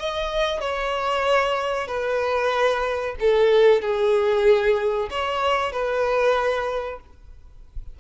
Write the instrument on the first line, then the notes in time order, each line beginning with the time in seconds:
violin
0.00 D#5
0.61 C#5
1.88 B4
3.20 A4
3.82 G#4
5.11 C#5
5.73 B4